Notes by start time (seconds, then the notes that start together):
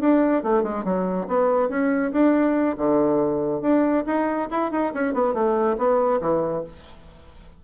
0.00 D4
0.42 A3
0.63 G#3
0.84 F#3
1.28 B3
1.69 C#4
2.12 D4
2.77 D3
3.61 D4
4.06 D#4
4.50 E4
4.71 D#4
4.94 C#4
5.14 B3
5.34 A3
5.77 B3
6.21 E3